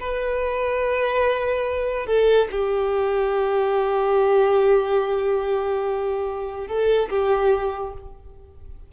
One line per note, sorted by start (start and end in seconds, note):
0.00 2.07 B4
2.07 2.48 A4
2.52 6.68 G4
6.68 7.09 A4
7.10 7.93 G4